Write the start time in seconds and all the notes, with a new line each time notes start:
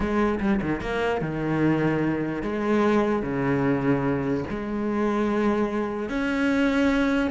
0.00 G#3
0.39 G3
0.61 D#3
0.81 A#3
1.21 D#3
2.42 G#3
3.22 C#3
4.50 G#3
6.09 C#4